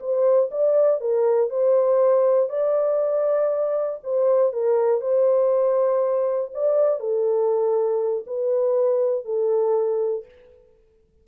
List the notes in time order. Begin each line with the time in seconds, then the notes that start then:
0.00 C5
0.51 D5
1.00 A#4
1.50 C5
2.50 D5
4.03 C5
4.53 A#4
5.01 C5
6.54 D5
7.00 A4
8.27 B4
9.25 A4